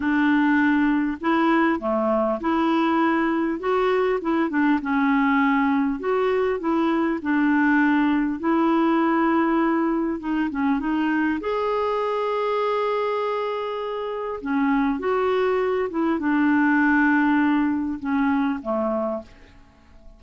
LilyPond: \new Staff \with { instrumentName = "clarinet" } { \time 4/4 \tempo 4 = 100 d'2 e'4 a4 | e'2 fis'4 e'8 d'8 | cis'2 fis'4 e'4 | d'2 e'2~ |
e'4 dis'8 cis'8 dis'4 gis'4~ | gis'1 | cis'4 fis'4. e'8 d'4~ | d'2 cis'4 a4 | }